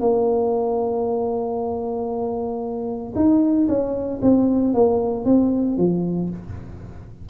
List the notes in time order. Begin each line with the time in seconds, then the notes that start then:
0.00 A#3
3.15 D#4
3.68 C#4
4.21 C4
4.73 A#3
5.25 C4
5.77 F3